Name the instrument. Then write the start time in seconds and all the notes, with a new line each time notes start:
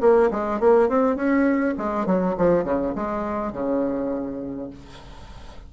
bassoon
0.00 A#3
0.30 G#3
0.60 A#3
0.88 C4
1.16 C#4
1.77 G#3
2.05 F#3
2.37 F3
2.64 C#3
2.95 G#3
3.52 C#3